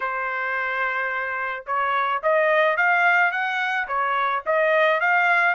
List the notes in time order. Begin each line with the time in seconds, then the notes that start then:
0.00 C5
1.66 C#5
2.22 D#5
2.76 F5
3.31 F#5
3.87 C#5
4.46 D#5
5.00 F5